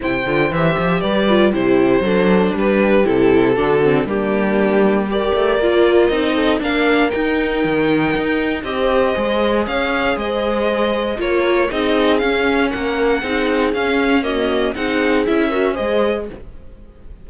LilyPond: <<
  \new Staff \with { instrumentName = "violin" } { \time 4/4 \tempo 4 = 118 g''4 e''4 d''4 c''4~ | c''4 b'4 a'2 | g'2 d''2 | dis''4 f''4 g''2~ |
g''4 dis''2 f''4 | dis''2 cis''4 dis''4 | f''4 fis''2 f''4 | dis''4 fis''4 e''4 dis''4 | }
  \new Staff \with { instrumentName = "horn" } { \time 4/4 c''2 b'4 g'4 | a'4 g'2 fis'4 | d'2 ais'2~ | ais'8 a'8 ais'2.~ |
ais'4 c''2 cis''4 | c''2 ais'4 gis'4~ | gis'4 ais'4 gis'2 | fis'4 gis'4. ais'8 c''4 | }
  \new Staff \with { instrumentName = "viola" } { \time 4/4 e'8 f'8 g'4. f'8 e'4 | d'2 e'4 d'8 c'8 | ais2 g'4 f'4 | dis'4 d'4 dis'2~ |
dis'4 g'4 gis'2~ | gis'2 f'4 dis'4 | cis'2 dis'4 cis'4 | ais4 dis'4 e'8 fis'8 gis'4 | }
  \new Staff \with { instrumentName = "cello" } { \time 4/4 c8 d8 e8 f8 g4 c4 | fis4 g4 c4 d4 | g2~ g8 a8 ais4 | c'4 ais4 dis'4 dis4 |
dis'4 c'4 gis4 cis'4 | gis2 ais4 c'4 | cis'4 ais4 c'4 cis'4~ | cis'4 c'4 cis'4 gis4 | }
>>